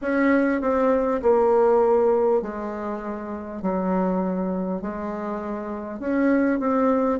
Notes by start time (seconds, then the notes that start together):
0.01 C#4
0.61 C4
1.22 A#3
2.42 G#3
3.62 F#3
4.81 G#3
5.99 C#4
6.59 C4